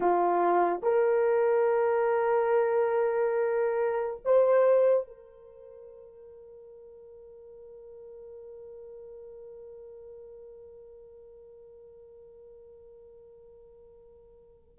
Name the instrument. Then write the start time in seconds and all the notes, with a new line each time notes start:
horn
0.00 F4
0.82 A#4
4.24 C5
5.07 A#4